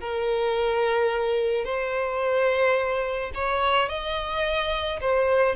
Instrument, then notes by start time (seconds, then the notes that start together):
violin
0.00 A#4
1.64 C5
3.34 C#5
3.88 D#5
5.01 C5